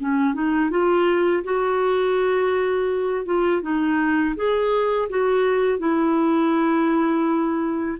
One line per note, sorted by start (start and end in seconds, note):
0.00 0.34 C#4
0.34 0.70 D#4
0.70 1.43 F4
1.44 3.26 F#4
3.26 3.62 F4
3.62 4.35 D#4
4.36 5.09 G#4
5.10 5.79 F#4
5.79 7.98 E4